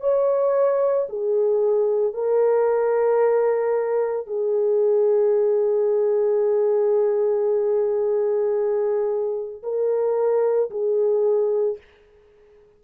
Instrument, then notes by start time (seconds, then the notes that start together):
horn
0.00 C#5
1.09 G#4
2.13 A#4
4.26 G#4
9.62 A#4
10.70 G#4